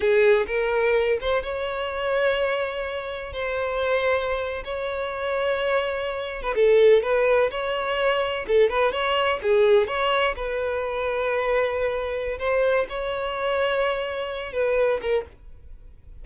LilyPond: \new Staff \with { instrumentName = "violin" } { \time 4/4 \tempo 4 = 126 gis'4 ais'4. c''8 cis''4~ | cis''2. c''4~ | c''4.~ c''16 cis''2~ cis''16~ | cis''4. b'16 a'4 b'4 cis''16~ |
cis''4.~ cis''16 a'8 b'8 cis''4 gis'16~ | gis'8. cis''4 b'2~ b'16~ | b'2 c''4 cis''4~ | cis''2~ cis''8 b'4 ais'8 | }